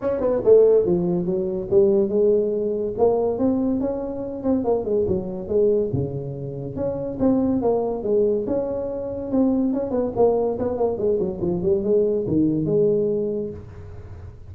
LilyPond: \new Staff \with { instrumentName = "tuba" } { \time 4/4 \tempo 4 = 142 cis'8 b8 a4 f4 fis4 | g4 gis2 ais4 | c'4 cis'4. c'8 ais8 gis8 | fis4 gis4 cis2 |
cis'4 c'4 ais4 gis4 | cis'2 c'4 cis'8 b8 | ais4 b8 ais8 gis8 fis8 f8 g8 | gis4 dis4 gis2 | }